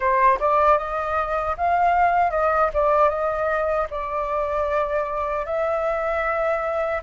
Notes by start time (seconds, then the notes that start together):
0.00 C5
0.39 D5
0.78 D#5
1.57 F5
2.31 D#5
2.73 D5
3.09 D#5
3.90 D5
5.45 E5